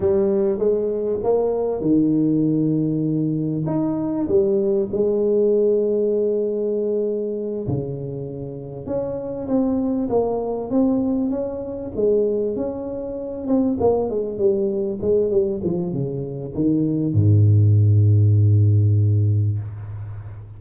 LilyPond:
\new Staff \with { instrumentName = "tuba" } { \time 4/4 \tempo 4 = 98 g4 gis4 ais4 dis4~ | dis2 dis'4 g4 | gis1~ | gis8 cis2 cis'4 c'8~ |
c'8 ais4 c'4 cis'4 gis8~ | gis8 cis'4. c'8 ais8 gis8 g8~ | g8 gis8 g8 f8 cis4 dis4 | gis,1 | }